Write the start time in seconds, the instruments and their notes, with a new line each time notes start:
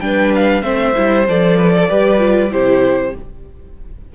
0.00 cello G3, viola D4, violin B4 G5
0.36 violin F5
0.63 cello A3, viola C4, violin C5 E5
0.95 cello G3, viola E4
1.29 cello F3, viola A4, violin D5
1.57 violin B4
1.76 violin A4
1.89 cello G3, viola G4, violin B4
2.19 viola F4
2.51 cello C3, viola E4, violin G4 C5